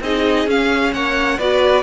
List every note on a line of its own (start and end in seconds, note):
0.00 0.46 C4
0.00 0.48 D#4
0.00 0.94 G#4
0.00 0.50 D#5
0.46 0.92 C#4
0.46 1.39 C#4
0.46 0.93 F5
0.93 1.39 A#3
0.93 1.38 C#5
0.93 1.39 F#5
1.38 1.83 B3
1.38 1.83 F#4
1.38 1.83 B4
1.38 1.83 D5